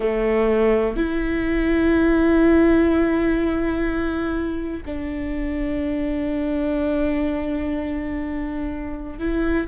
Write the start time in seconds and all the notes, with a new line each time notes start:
0.00 A3
0.96 E4
4.85 D4
9.18 E4